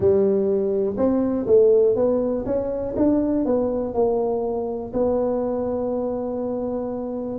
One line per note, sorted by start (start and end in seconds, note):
0.00 0.96 G3
0.97 1.46 C4
1.46 1.95 A3
1.95 2.45 B3
2.45 2.94 C#4
2.96 3.45 D4
3.45 3.94 B3
3.94 4.92 A#3
4.93 7.39 B3